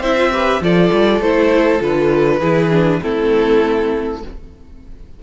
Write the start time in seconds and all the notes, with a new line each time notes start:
0.00 C4 E4 C5 E5
0.17 F4
0.32 G4 B4
0.60 F3 F4 A4 D5
0.93 G3
1.20 A3 E4 C5
1.79 D3 F4 B4
2.40 E3 E4 G#4
2.71 D4
3.01 A3 C4 E4 A4